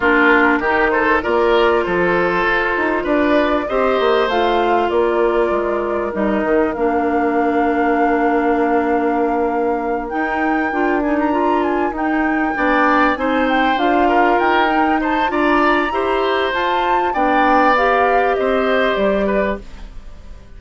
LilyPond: <<
  \new Staff \with { instrumentName = "flute" } { \time 4/4 \tempo 4 = 98 ais'4. c''8 d''4 c''4~ | c''4 d''4 dis''4 f''4 | d''2 dis''4 f''4~ | f''1~ |
f''8 g''4. gis''16 ais''8. gis''8 g''8~ | g''4. gis''8 g''8 f''4 g''8~ | g''8 a''8 ais''2 a''4 | g''4 f''4 dis''4 d''4 | }
  \new Staff \with { instrumentName = "oboe" } { \time 4/4 f'4 g'8 a'8 ais'4 a'4~ | a'4 b'4 c''2 | ais'1~ | ais'1~ |
ais'1~ | ais'8 d''4 c''4. ais'4~ | ais'8 c''8 d''4 c''2 | d''2 c''4. b'8 | }
  \new Staff \with { instrumentName = "clarinet" } { \time 4/4 d'4 dis'4 f'2~ | f'2 g'4 f'4~ | f'2 dis'4 d'4~ | d'1~ |
d'8 dis'4 f'8 dis'8 f'4 dis'8~ | dis'8 d'4 dis'4 f'4. | dis'4 f'4 g'4 f'4 | d'4 g'2. | }
  \new Staff \with { instrumentName = "bassoon" } { \time 4/4 ais4 dis4 ais4 f4 | f'8 dis'8 d'4 c'8 ais8 a4 | ais4 gis4 g8 dis8 ais4~ | ais1~ |
ais8 dis'4 d'2 dis'8~ | dis'8 b4 c'4 d'4 dis'8~ | dis'4 d'4 e'4 f'4 | b2 c'4 g4 | }
>>